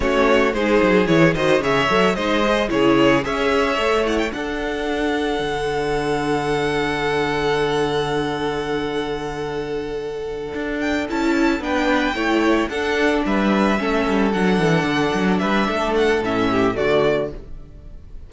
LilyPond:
<<
  \new Staff \with { instrumentName = "violin" } { \time 4/4 \tempo 4 = 111 cis''4 c''4 cis''8 dis''8 e''4 | dis''4 cis''4 e''4. fis''16 g''16 | fis''1~ | fis''1~ |
fis''1 | g''8 a''4 g''2 fis''8~ | fis''8 e''2 fis''4.~ | fis''8 e''4 fis''8 e''4 d''4 | }
  \new Staff \with { instrumentName = "violin" } { \time 4/4 fis'4 gis'4. c''8 cis''4 | c''4 gis'4 cis''2 | a'1~ | a'1~ |
a'1~ | a'4. b'4 cis''4 a'8~ | a'8 b'4 a'2~ a'8~ | a'8 b'8 a'4. g'8 fis'4 | }
  \new Staff \with { instrumentName = "viola" } { \time 4/4 cis'4 dis'4 e'8 fis'8 gis'8 a'8 | dis'8 gis'8 e'4 gis'4 a'8 e'8 | d'1~ | d'1~ |
d'1~ | d'8 e'4 d'4 e'4 d'8~ | d'4. cis'4 d'4.~ | d'2 cis'4 a4 | }
  \new Staff \with { instrumentName = "cello" } { \time 4/4 a4 gis8 fis8 e8 dis8 cis8 fis8 | gis4 cis4 cis'4 a4 | d'2 d2~ | d1~ |
d2.~ d8 d'8~ | d'8 cis'4 b4 a4 d'8~ | d'8 g4 a8 g8 fis8 e8 d8 | fis8 g8 a4 a,4 d4 | }
>>